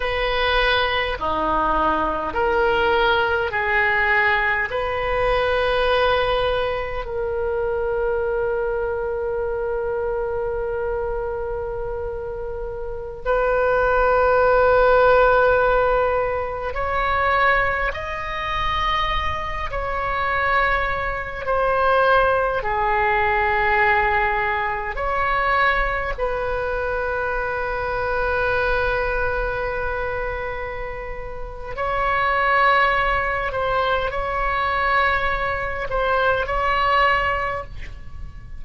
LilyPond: \new Staff \with { instrumentName = "oboe" } { \time 4/4 \tempo 4 = 51 b'4 dis'4 ais'4 gis'4 | b'2 ais'2~ | ais'2.~ ais'16 b'8.~ | b'2~ b'16 cis''4 dis''8.~ |
dis''8. cis''4. c''4 gis'8.~ | gis'4~ gis'16 cis''4 b'4.~ b'16~ | b'2. cis''4~ | cis''8 c''8 cis''4. c''8 cis''4 | }